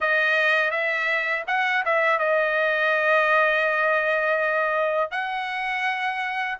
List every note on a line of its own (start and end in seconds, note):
0.00 0.71 D#5
0.71 1.44 E5
1.47 1.84 F#5
1.85 2.19 E5
2.19 5.11 D#5
5.11 6.57 F#5